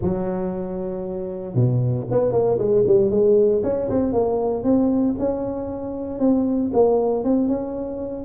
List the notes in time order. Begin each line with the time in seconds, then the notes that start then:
0.01 F#3
1.54 B2
2.10 B3
2.32 A#3
2.58 G#3
2.86 G3
3.10 G#3
3.63 C#4
3.89 C4
4.12 A#3
4.63 C4
5.18 C#4
6.19 C4
6.73 A#3
7.23 C4
7.48 C#4